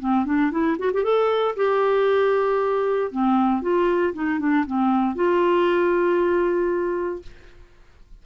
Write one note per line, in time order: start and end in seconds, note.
0.00 0.26 C4
0.26 0.51 D4
0.51 0.77 E4
0.79 0.92 F#4
0.94 1.04 G4
1.04 1.55 A4
1.57 3.12 G4
3.12 3.62 C4
3.62 4.14 F4
4.14 4.40 D#4
4.40 4.66 D4
4.66 5.16 C4
5.16 7.22 F4